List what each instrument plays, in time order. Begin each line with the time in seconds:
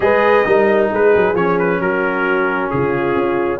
0.00 tuba G#3, trombone G#4, horn B4, trumpet D#5
0.45 tuba G3, trombone D#4, horn A#4
0.92 tuba G#3, horn G#4, trumpet B4
1.15 tuba F#3
1.34 tuba F3, trombone C#4, trumpet C#5
1.58 trumpet B4
1.79 tuba F#3, horn F#4, trumpet A#4
2.70 tuba C#3, horn F4, trumpet G#4
3.15 tuba C#4